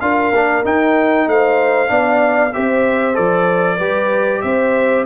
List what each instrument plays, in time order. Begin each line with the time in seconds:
0.00 tuba D4, trombone F4, horn A#4, trumpet F5
0.31 tuba A#3, trombone D4
0.64 trombone D#4, tuba D#4, trumpet G5
1.26 tuba A3, horn C5, trumpet F5
1.87 tuba B3, trombone D4, horn D5
2.53 tuba C4, trombone G4, horn C5, trumpet E5
3.13 tuba F3, trombone A4, trumpet D5
3.77 tuba G3, trombone G4, horn B4
4.41 tuba C4, horn C5, trumpet E5